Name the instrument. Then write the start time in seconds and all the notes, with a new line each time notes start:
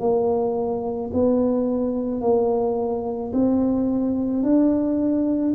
tuba
0.00 A#3
1.14 B3
2.21 A#3
3.33 C4
4.43 D4